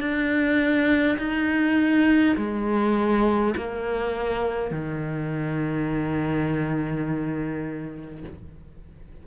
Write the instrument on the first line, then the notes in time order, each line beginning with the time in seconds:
cello
0.00 D4
1.19 D#4
2.37 G#3
3.57 A#3
4.71 D#3